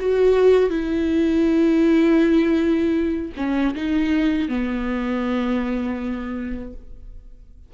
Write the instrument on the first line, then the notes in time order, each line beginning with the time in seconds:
viola
0.00 F#4
0.70 E4
3.37 C#4
3.75 D#4
4.49 B3